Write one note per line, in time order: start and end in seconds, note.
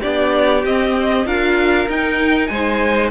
0.00 0.64 B3
0.00 0.64 D4
0.00 1.24 G4
0.00 0.63 D5
0.64 1.25 C4
0.64 1.26 C4
0.64 1.27 D#5
1.25 1.87 D4
1.25 1.88 F4
1.25 2.50 A#4
1.25 1.89 F5
1.88 2.49 D#4
1.88 3.10 D#4
1.88 2.46 G5
2.46 3.10 G#3
2.46 3.10 C5
2.46 3.08 G#5